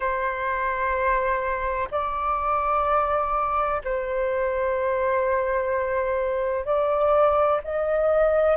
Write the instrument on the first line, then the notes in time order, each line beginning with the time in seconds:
flute
0.00 C5
1.90 D5
3.84 C5
6.65 D5
7.64 D#5